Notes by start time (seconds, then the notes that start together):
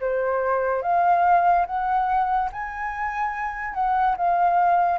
0.00 C5
0.82 F5
1.66 F#5
2.52 G#5
3.74 F#5
4.17 F5